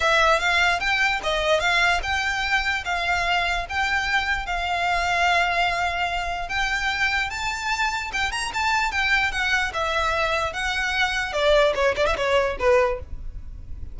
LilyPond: \new Staff \with { instrumentName = "violin" } { \time 4/4 \tempo 4 = 148 e''4 f''4 g''4 dis''4 | f''4 g''2 f''4~ | f''4 g''2 f''4~ | f''1 |
g''2 a''2 | g''8 ais''8 a''4 g''4 fis''4 | e''2 fis''2 | d''4 cis''8 d''16 e''16 cis''4 b'4 | }